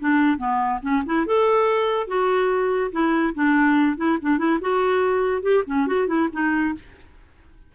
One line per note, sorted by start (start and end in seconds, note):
0.00 0.38 D4
0.38 0.80 B3
0.82 1.03 C#4
1.06 1.26 E4
1.26 2.07 A4
2.07 2.91 F#4
2.92 3.34 E4
3.35 3.97 D4
3.97 4.18 E4
4.22 4.38 D4
4.38 4.59 E4
4.61 5.42 F#4
5.42 5.63 G4
5.67 5.87 C#4
5.87 6.08 F#4
6.08 6.29 E4
6.33 6.75 D#4